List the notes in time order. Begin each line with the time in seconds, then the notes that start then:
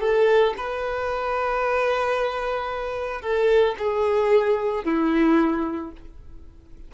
0.00 A4
0.57 B4
3.21 A4
3.78 G#4
4.84 E4